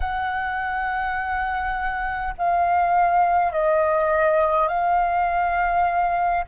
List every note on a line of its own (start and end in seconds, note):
0.00 2.34 F#5
2.38 3.52 F5
3.52 4.67 D#5
4.67 6.44 F5